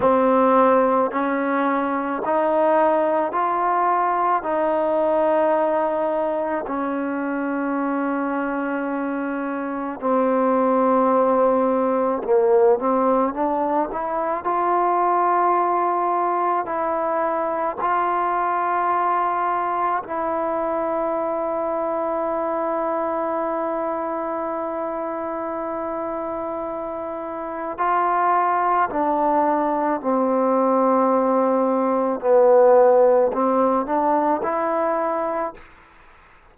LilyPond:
\new Staff \with { instrumentName = "trombone" } { \time 4/4 \tempo 4 = 54 c'4 cis'4 dis'4 f'4 | dis'2 cis'2~ | cis'4 c'2 ais8 c'8 | d'8 e'8 f'2 e'4 |
f'2 e'2~ | e'1~ | e'4 f'4 d'4 c'4~ | c'4 b4 c'8 d'8 e'4 | }